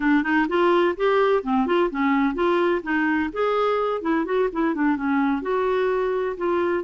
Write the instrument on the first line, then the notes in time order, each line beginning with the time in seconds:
clarinet
0.00 D4
0.23 D#4
0.48 F4
0.96 G4
1.43 C4
1.66 F4
1.90 C#4
2.34 F4
2.82 D#4
3.32 G#4
4.01 E4
4.25 F#4
4.52 E4
4.74 D4
4.96 C#4
5.42 F#4
6.37 F4